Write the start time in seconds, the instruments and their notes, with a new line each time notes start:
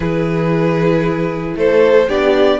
0.00 cello E3, viola E4, violin G#4 B4
1.56 cello A3, violin A4 C5
2.08 cello B3, viola D4, violin G4 D5